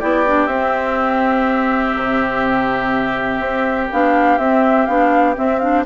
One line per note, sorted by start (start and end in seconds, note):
0.00 0.48 B3
0.00 0.26 E4
0.00 5.86 G4
0.00 0.47 D5
0.27 0.48 D4
0.47 1.94 C4
0.47 3.90 C4
0.47 3.89 E5
1.96 3.40 C3
3.40 3.89 C4
3.92 4.39 B3
3.92 4.40 D4
3.92 4.39 F5
4.39 4.87 C4
4.39 4.89 C4
4.39 4.86 E5
4.86 5.37 B3
4.86 5.35 D4
4.86 5.35 F5
5.35 5.60 C4
5.35 5.86 C4
5.35 5.59 E5
5.59 5.85 D4
5.59 5.84 F5